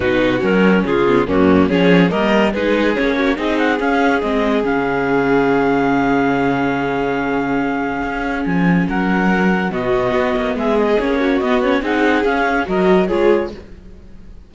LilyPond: <<
  \new Staff \with { instrumentName = "clarinet" } { \time 4/4 \tempo 4 = 142 b'4 ais'4 gis'4 fis'4 | cis''4 dis''4 b'4 cis''4 | dis''8 fis''8 f''4 dis''4 f''4~ | f''1~ |
f''1 | gis''4 fis''2 dis''4~ | dis''4 e''8 dis''8 cis''4 dis''8 cis''8 | fis''4 f''4 dis''4 cis''4 | }
  \new Staff \with { instrumentName = "violin" } { \time 4/4 fis'2 f'4 cis'4 | gis'4 ais'4 gis'4. fis'8 | gis'1~ | gis'1~ |
gis'1~ | gis'4 ais'2 fis'4~ | fis'4 gis'4. fis'4. | gis'2 ais'4 gis'4 | }
  \new Staff \with { instrumentName = "viola" } { \time 4/4 dis'4 cis'4. b8 ais4 | cis'4 ais4 dis'4 cis'4 | dis'4 cis'4 c'4 cis'4~ | cis'1~ |
cis'1~ | cis'2. b4~ | b2 cis'4 b8 cis'8 | dis'4 cis'4 fis'4 f'4 | }
  \new Staff \with { instrumentName = "cello" } { \time 4/4 b,4 fis4 cis4 fis,4 | f4 g4 gis4 ais4 | c'4 cis'4 gis4 cis4~ | cis1~ |
cis2. cis'4 | f4 fis2 b,4 | b8 ais8 gis4 ais4 b4 | c'4 cis'4 fis4 gis4 | }
>>